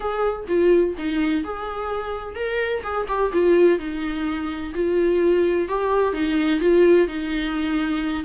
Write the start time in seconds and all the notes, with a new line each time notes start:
0.00 G#4
0.48 F4
0.97 D#4
1.44 G#4
2.35 A#4
2.83 G#4
3.08 G4
3.32 F4
3.78 D#4
4.74 F4
5.68 G4
6.13 D#4
6.60 F4
7.07 D#4